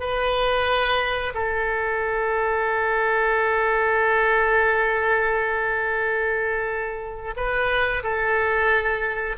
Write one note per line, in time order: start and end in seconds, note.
0.00 1.33 B4
1.34 7.34 A4
7.36 8.03 B4
8.03 9.37 A4